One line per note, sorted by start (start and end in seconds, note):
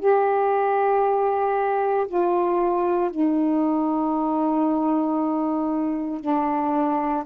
0.00 2.07 G4
2.08 3.11 F4
3.11 6.21 D#4
6.21 7.24 D4